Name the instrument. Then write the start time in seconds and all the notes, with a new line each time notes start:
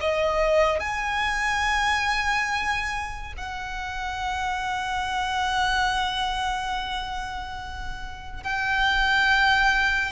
violin
0.00 D#5
0.80 G#5
3.37 F#5
8.43 G5